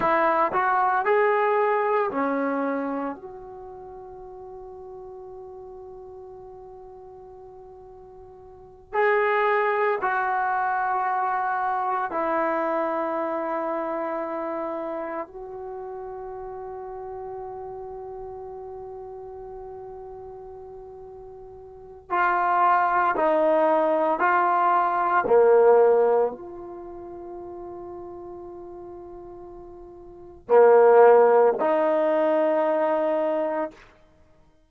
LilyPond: \new Staff \with { instrumentName = "trombone" } { \time 4/4 \tempo 4 = 57 e'8 fis'8 gis'4 cis'4 fis'4~ | fis'1~ | fis'8 gis'4 fis'2 e'8~ | e'2~ e'8 fis'4.~ |
fis'1~ | fis'4 f'4 dis'4 f'4 | ais4 f'2.~ | f'4 ais4 dis'2 | }